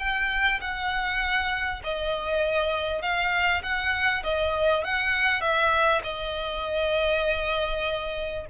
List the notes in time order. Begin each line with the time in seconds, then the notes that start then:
0.00 G5
0.61 F#5
1.84 D#5
3.02 F5
3.63 F#5
4.24 D#5
4.85 F#5
5.41 E5
6.04 D#5